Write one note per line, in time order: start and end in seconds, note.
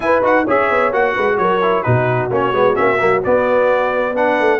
0.00 0.22 E4
0.00 0.45 B4
0.00 0.23 G#5
0.22 0.45 D#4
0.22 0.45 F#4
0.22 0.48 F#5
0.45 0.70 C#4
0.45 0.92 G#4
0.45 1.14 C#5
0.45 0.93 E5
0.70 0.91 B3
0.91 1.15 A#3
0.91 1.61 F#4
0.91 1.37 F#5
1.14 1.38 G#3
1.14 1.37 B4
1.37 1.84 F#3
1.37 1.85 A#4
1.37 1.82 C#5
1.61 1.84 E4
1.82 2.30 B2
1.82 2.30 D#4
1.82 4.15 F#4
1.82 2.29 B4
2.30 2.52 A#3
2.30 2.53 C#4
2.30 2.75 C#5
2.52 2.75 G#3
2.52 2.74 B3
2.74 3.01 A#3
2.74 2.97 C#4
2.74 3.21 E5
2.99 3.24 F#3
2.99 3.22 A#3
3.24 4.14 B3
3.24 4.39 B3
3.24 4.16 D5
4.14 4.60 D4
4.14 4.60 B4
4.14 4.60 F#5
4.39 4.60 A3